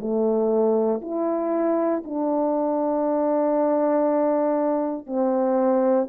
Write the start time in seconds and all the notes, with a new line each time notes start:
0.00 A3
1.01 E4
2.04 D4
5.07 C4